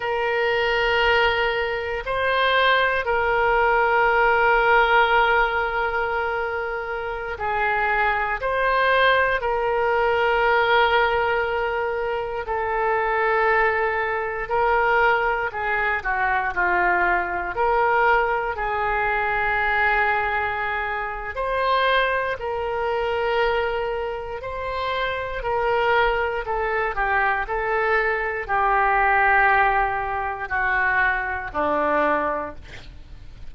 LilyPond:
\new Staff \with { instrumentName = "oboe" } { \time 4/4 \tempo 4 = 59 ais'2 c''4 ais'4~ | ais'2.~ ais'16 gis'8.~ | gis'16 c''4 ais'2~ ais'8.~ | ais'16 a'2 ais'4 gis'8 fis'16~ |
fis'16 f'4 ais'4 gis'4.~ gis'16~ | gis'4 c''4 ais'2 | c''4 ais'4 a'8 g'8 a'4 | g'2 fis'4 d'4 | }